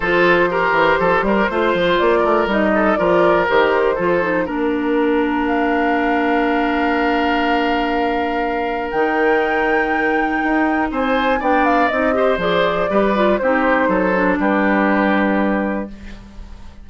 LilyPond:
<<
  \new Staff \with { instrumentName = "flute" } { \time 4/4 \tempo 4 = 121 c''1 | d''4 dis''4 d''4 c''4~ | c''4 ais'2 f''4~ | f''1~ |
f''2 g''2~ | g''2 gis''4 g''8 f''8 | dis''4 d''2 c''4~ | c''4 b'2. | }
  \new Staff \with { instrumentName = "oboe" } { \time 4/4 a'4 ais'4 a'8 ais'8 c''4~ | c''8 ais'4 a'8 ais'2 | a'4 ais'2.~ | ais'1~ |
ais'1~ | ais'2 c''4 d''4~ | d''8 c''4. b'4 g'4 | a'4 g'2. | }
  \new Staff \with { instrumentName = "clarinet" } { \time 4/4 f'4 g'2 f'4~ | f'4 dis'4 f'4 g'4 | f'8 dis'8 d'2.~ | d'1~ |
d'2 dis'2~ | dis'2. d'4 | dis'8 g'8 gis'4 g'8 f'8 dis'4~ | dis'8 d'2.~ d'8 | }
  \new Staff \with { instrumentName = "bassoon" } { \time 4/4 f4. e8 f8 g8 a8 f8 | ais8 a8 g4 f4 dis4 | f4 ais2.~ | ais1~ |
ais2 dis2~ | dis4 dis'4 c'4 b4 | c'4 f4 g4 c'4 | fis4 g2. | }
>>